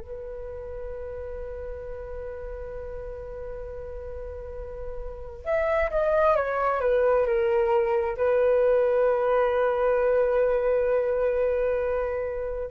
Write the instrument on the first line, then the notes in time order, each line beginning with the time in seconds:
flute
0.00 B4
5.45 E5
5.91 D#5
6.36 C#5
6.81 B4
7.26 A#4
8.18 B4